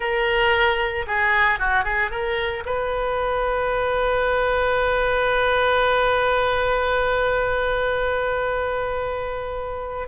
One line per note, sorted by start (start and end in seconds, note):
0.00 1.06 A#4
1.06 1.59 G#4
1.59 1.84 F#4
1.84 2.10 G#4
2.10 2.63 A#4
2.65 10.08 B4